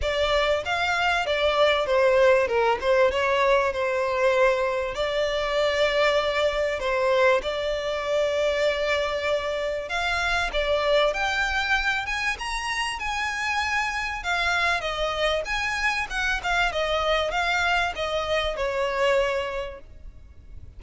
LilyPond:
\new Staff \with { instrumentName = "violin" } { \time 4/4 \tempo 4 = 97 d''4 f''4 d''4 c''4 | ais'8 c''8 cis''4 c''2 | d''2. c''4 | d''1 |
f''4 d''4 g''4. gis''8 | ais''4 gis''2 f''4 | dis''4 gis''4 fis''8 f''8 dis''4 | f''4 dis''4 cis''2 | }